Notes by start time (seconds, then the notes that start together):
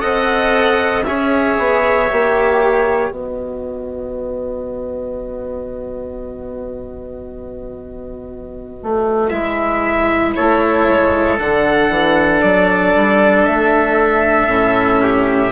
0.00 C4 A4 D#5 F#5
1.04 C#4 G#4 C#5 E5
1.58 B3
2.09 A#3 G4
3.10 B3 F#4 B4 D#5
8.83 A3
9.29 G#3 E4 E5
10.36 A3 A4 C#5
10.89 G#3
11.39 D3 D4 F#5
11.90 E3
12.42 F#3 D5
12.95 G3
13.46 A3 E5
14.48 A2 C#4
15.03 G4